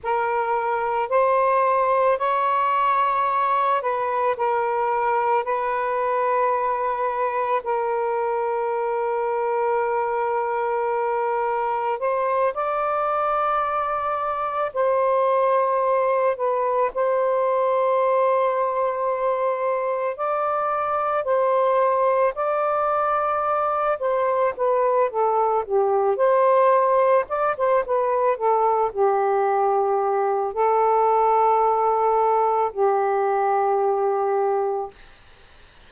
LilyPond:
\new Staff \with { instrumentName = "saxophone" } { \time 4/4 \tempo 4 = 55 ais'4 c''4 cis''4. b'8 | ais'4 b'2 ais'4~ | ais'2. c''8 d''8~ | d''4. c''4. b'8 c''8~ |
c''2~ c''8 d''4 c''8~ | c''8 d''4. c''8 b'8 a'8 g'8 | c''4 d''16 c''16 b'8 a'8 g'4. | a'2 g'2 | }